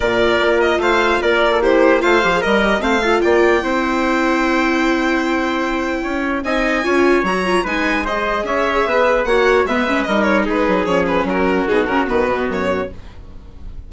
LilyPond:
<<
  \new Staff \with { instrumentName = "violin" } { \time 4/4 \tempo 4 = 149 d''4. dis''8 f''4 d''4 | c''4 f''4 dis''4 f''4 | g''1~ | g''1 |
gis''2 ais''4 gis''4 | dis''4 e''2 fis''4 | e''4 dis''8 cis''8 b'4 cis''8 b'8 | ais'4 gis'8 ais'8 b'4 cis''4 | }
  \new Staff \with { instrumentName = "trumpet" } { \time 4/4 ais'2 c''4 ais'8. a'16 | g'4 c''4 ais'4 c''8 a'8 | d''4 c''2.~ | c''2. cis''4 |
dis''4 cis''2 b'4 | c''4 cis''4 b'4 cis''4 | b'4 ais'4 gis'2 | fis'1 | }
  \new Staff \with { instrumentName = "viola" } { \time 4/4 f'1 | e'4 f'8 g'16 gis'16 ais'8 g'8 c'8 f'8~ | f'4 e'2.~ | e'1 |
dis'4 f'4 fis'8 f'8 dis'4 | gis'2. fis'4 | b8 cis'8 dis'2 cis'4~ | cis'4 dis'8 cis'8 b2 | }
  \new Staff \with { instrumentName = "bassoon" } { \time 4/4 ais,4 ais4 a4 ais4~ | ais4 a8 f8 g4 a4 | ais4 c'2.~ | c'2. cis'4 |
c'4 cis'4 fis4 gis4~ | gis4 cis'4 b4 ais4 | gis4 g4 gis8 fis8 f4 | fis4 b,8 cis8 dis8 b,8 fis,4 | }
>>